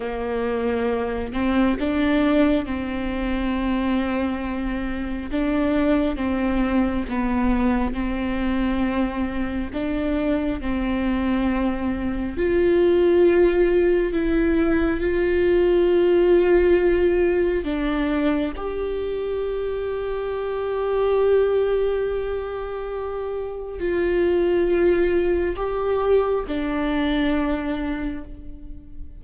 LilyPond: \new Staff \with { instrumentName = "viola" } { \time 4/4 \tempo 4 = 68 ais4. c'8 d'4 c'4~ | c'2 d'4 c'4 | b4 c'2 d'4 | c'2 f'2 |
e'4 f'2. | d'4 g'2.~ | g'2. f'4~ | f'4 g'4 d'2 | }